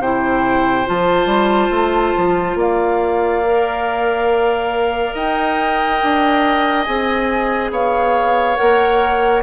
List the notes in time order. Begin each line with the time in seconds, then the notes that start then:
0.00 C3 E4 C5 G5
0.86 F3 F4 A5
1.26 G3
1.71 A3
2.17 F3
2.55 A#3 D5 F5
3.46 A#4
5.14 D#4 D#5 G5
6.03 D4
6.84 C4 G#4 G#5
7.71 B3 C#5 F5
8.57 A#3 A#4 F#5